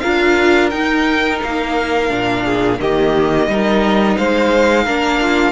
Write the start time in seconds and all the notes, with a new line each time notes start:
0.00 D4 F4 A#4 F5
0.70 D#4 G5
1.43 A#3 F5
2.08 A#2 D4
2.44 G#4
2.80 D#3 A#3 G4 D#5
3.48 G3 D#4 A#4
4.18 G#3 C5 F5
4.84 A#3 D4 A#4
5.22 F4